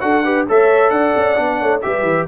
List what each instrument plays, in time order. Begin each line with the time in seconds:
0.00 tuba D4, trombone F#4, horn A4, trumpet F#5
0.24 trombone G4, horn B4
0.47 tuba A3, trombone A4, horn C#5, trumpet E5
0.90 tuba D4, horn D5, trumpet F#5
1.16 tuba C#4
1.35 tuba B3, trombone D4
1.59 tuba A3, horn C#5
1.81 tuba G3, trombone G4, horn B4, trumpet E5
2.02 tuba E3